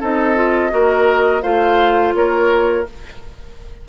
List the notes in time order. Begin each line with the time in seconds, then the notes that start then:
0.00 C4 D#4 A4 D#5
0.35 F4
0.70 A#3 F#4 A#4
1.42 A3 F4 C5 F5
2.14 A#3 A#4 C#5